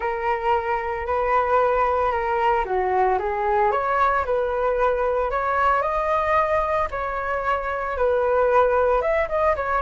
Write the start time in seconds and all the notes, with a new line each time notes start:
0.00 A#4
1.06 B4
2.11 A#4
2.65 F#4
3.19 G#4
3.71 C#5
4.25 B4
5.30 C#5
5.82 D#5
6.91 C#5
7.97 B4
9.01 E5
9.28 D#5
9.56 C#5